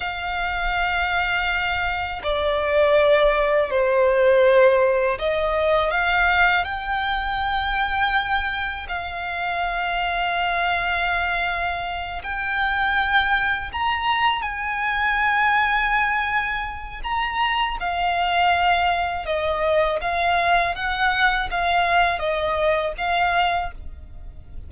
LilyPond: \new Staff \with { instrumentName = "violin" } { \time 4/4 \tempo 4 = 81 f''2. d''4~ | d''4 c''2 dis''4 | f''4 g''2. | f''1~ |
f''8 g''2 ais''4 gis''8~ | gis''2. ais''4 | f''2 dis''4 f''4 | fis''4 f''4 dis''4 f''4 | }